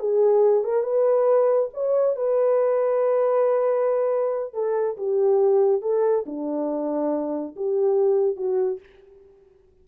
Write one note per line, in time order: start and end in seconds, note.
0.00 0.64 G#4
0.64 0.83 A#4
0.83 1.70 B4
1.74 2.16 C#5
2.16 4.54 B4
4.54 4.97 A4
4.98 5.82 G4
5.82 6.25 A4
6.26 7.56 D4
7.56 8.36 G4
8.36 8.80 F#4